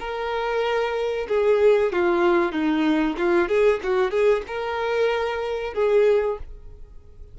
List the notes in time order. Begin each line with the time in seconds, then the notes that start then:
0.00 A#4
1.29 G#4
1.93 F4
2.52 D#4
3.18 F4
3.48 G#4
3.84 F#4
4.11 G#4
4.47 A#4
5.74 G#4